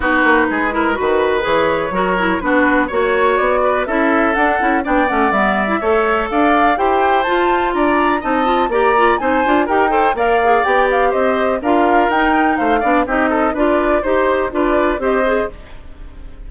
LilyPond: <<
  \new Staff \with { instrumentName = "flute" } { \time 4/4 \tempo 4 = 124 b'2. cis''4~ | cis''4 b'4 cis''4 d''4 | e''4 fis''4 g''8 fis''8 e''4~ | e''4 f''4 g''4 a''4 |
ais''4 a''4 ais''4 gis''4 | g''4 f''4 g''8 f''8 dis''4 | f''4 g''4 f''4 dis''4 | d''4 c''4 d''4 dis''4 | }
  \new Staff \with { instrumentName = "oboe" } { \time 4/4 fis'4 gis'8 ais'8 b'2 | ais'4 fis'4 cis''4. b'8 | a'2 d''2 | cis''4 d''4 c''2 |
d''4 dis''4 d''4 c''4 | ais'8 c''8 d''2 c''4 | ais'2 c''8 d''8 g'8 a'8 | b'4 c''4 b'4 c''4 | }
  \new Staff \with { instrumentName = "clarinet" } { \time 4/4 dis'4. e'8 fis'4 gis'4 | fis'8 e'8 d'4 fis'2 | e'4 d'8 e'8 d'8 cis'8 b8. e'16 | a'2 g'4 f'4~ |
f'4 dis'8 f'8 g'8 f'8 dis'8 f'8 | g'8 a'8 ais'8 gis'8 g'2 | f'4 dis'4. d'8 dis'4 | f'4 g'4 f'4 g'8 gis'8 | }
  \new Staff \with { instrumentName = "bassoon" } { \time 4/4 b8 ais8 gis4 dis4 e4 | fis4 b4 ais4 b4 | cis'4 d'8 cis'8 b8 a8 g4 | a4 d'4 e'4 f'4 |
d'4 c'4 ais4 c'8 d'8 | dis'4 ais4 b4 c'4 | d'4 dis'4 a8 b8 c'4 | d'4 dis'4 d'4 c'4 | }
>>